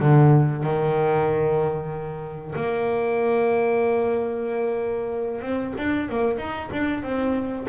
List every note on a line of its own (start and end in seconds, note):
0.00 0.63 D3
0.63 2.54 D#3
2.55 5.41 A#3
5.41 5.73 C4
5.77 6.09 D4
6.09 6.37 A#3
6.37 6.69 D#4
6.72 7.03 D4
7.03 7.67 C4